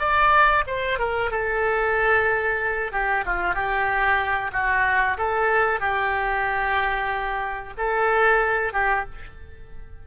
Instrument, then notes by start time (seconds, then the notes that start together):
oboe
0.00 D5
0.67 C5
0.99 A#4
1.31 A4
2.92 G4
3.26 F4
3.55 G4
4.53 F#4
5.18 A4
5.80 G4
7.78 A4
8.73 G4